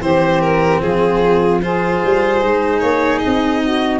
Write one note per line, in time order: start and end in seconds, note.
0.00 0.80 E3
0.00 1.60 C4
0.00 0.81 G4
0.00 0.41 C5
0.41 0.81 A#4
0.81 2.01 F3
0.81 1.62 F4
0.81 1.61 G#4
1.62 2.41 F4
1.62 3.62 G#4
1.62 2.80 C5
2.04 2.42 G3
2.41 2.82 G#3
2.41 4.00 D#4
2.80 3.22 A#3
2.80 3.19 C#5
3.19 3.99 D#5
3.26 4.00 C4
3.62 4.00 F#4